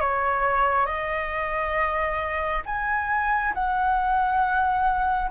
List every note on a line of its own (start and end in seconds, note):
0.00 0.86 C#5
0.86 2.62 D#5
2.65 3.53 G#5
3.54 5.30 F#5